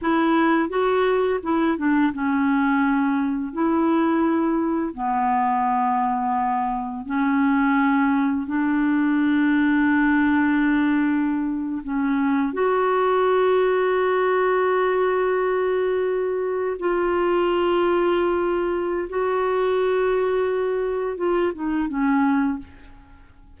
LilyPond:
\new Staff \with { instrumentName = "clarinet" } { \time 4/4 \tempo 4 = 85 e'4 fis'4 e'8 d'8 cis'4~ | cis'4 e'2 b4~ | b2 cis'2 | d'1~ |
d'8. cis'4 fis'2~ fis'16~ | fis'2.~ fis'8. f'16~ | f'2. fis'4~ | fis'2 f'8 dis'8 cis'4 | }